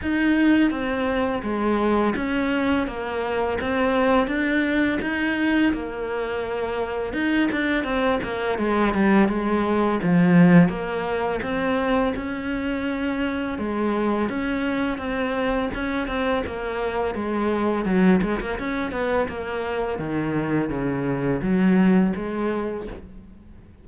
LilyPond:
\new Staff \with { instrumentName = "cello" } { \time 4/4 \tempo 4 = 84 dis'4 c'4 gis4 cis'4 | ais4 c'4 d'4 dis'4 | ais2 dis'8 d'8 c'8 ais8 | gis8 g8 gis4 f4 ais4 |
c'4 cis'2 gis4 | cis'4 c'4 cis'8 c'8 ais4 | gis4 fis8 gis16 ais16 cis'8 b8 ais4 | dis4 cis4 fis4 gis4 | }